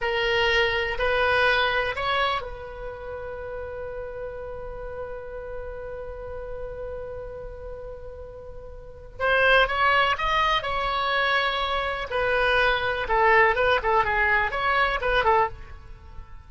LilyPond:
\new Staff \with { instrumentName = "oboe" } { \time 4/4 \tempo 4 = 124 ais'2 b'2 | cis''4 b'2.~ | b'1~ | b'1~ |
b'2. c''4 | cis''4 dis''4 cis''2~ | cis''4 b'2 a'4 | b'8 a'8 gis'4 cis''4 b'8 a'8 | }